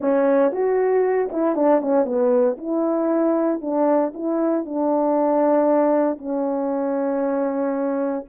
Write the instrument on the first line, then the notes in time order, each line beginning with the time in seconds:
horn
0.00 C#4
0.52 F#4
1.32 E4
1.55 D4
1.81 C#4
2.05 B3
2.57 E4
3.61 D4
4.14 E4
4.65 D4
6.17 C#4